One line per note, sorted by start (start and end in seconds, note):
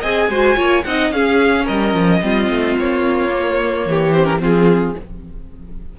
0.00 0.29 C4
0.00 0.31 G#4
0.00 0.27 D#5
0.00 0.84 G#5
0.29 0.56 G#3
0.29 0.56 F#4
0.29 0.57 C5
0.56 0.84 A#3
0.56 0.84 F4
0.56 0.84 C#5
0.84 1.11 C4
0.84 1.14 D#4
0.84 1.14 D#5
0.84 1.11 F#5
1.11 1.66 C#4
1.11 2.22 C#4
1.11 1.65 G#4
1.11 1.66 F5
1.65 1.94 G3
1.65 2.20 A#4
1.65 2.76 D#5
1.94 2.21 F3
2.22 2.49 G3
2.22 3.30 C4
2.22 3.88 F4
2.50 2.77 A3
2.78 3.86 A#3
2.78 4.14 C#5
3.30 4.11 A#3
3.86 4.40 E3
3.86 4.42 G4
4.14 4.24 C4
4.14 4.25 C5
4.24 4.37 C#4
4.24 4.39 A#4
4.39 4.95 F3
4.39 4.93 C4
4.39 4.96 F4
4.39 4.99 G#4